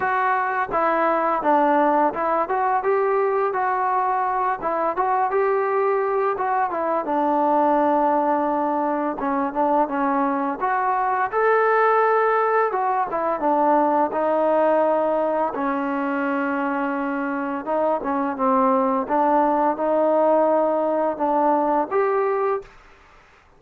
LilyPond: \new Staff \with { instrumentName = "trombone" } { \time 4/4 \tempo 4 = 85 fis'4 e'4 d'4 e'8 fis'8 | g'4 fis'4. e'8 fis'8 g'8~ | g'4 fis'8 e'8 d'2~ | d'4 cis'8 d'8 cis'4 fis'4 |
a'2 fis'8 e'8 d'4 | dis'2 cis'2~ | cis'4 dis'8 cis'8 c'4 d'4 | dis'2 d'4 g'4 | }